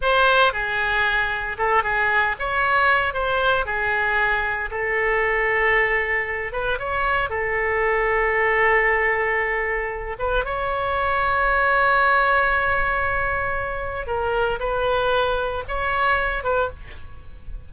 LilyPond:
\new Staff \with { instrumentName = "oboe" } { \time 4/4 \tempo 4 = 115 c''4 gis'2 a'8 gis'8~ | gis'8 cis''4. c''4 gis'4~ | gis'4 a'2.~ | a'8 b'8 cis''4 a'2~ |
a'2.~ a'8 b'8 | cis''1~ | cis''2. ais'4 | b'2 cis''4. b'8 | }